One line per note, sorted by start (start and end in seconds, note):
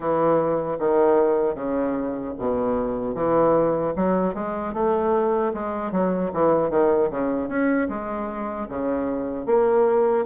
0.00 0.78 E3
0.79 1.54 D#3
1.54 2.33 C#3
2.38 3.14 B2
3.14 3.93 E3
3.95 4.34 F#3
4.34 4.73 G#3
4.73 5.52 A3
5.53 5.91 G#3
5.91 6.31 F#3
6.33 6.70 E3
6.70 7.09 D#3
7.10 7.48 C#3
7.48 7.88 C#4
7.88 8.67 G#3
8.68 9.46 C#3
9.46 10.25 A#3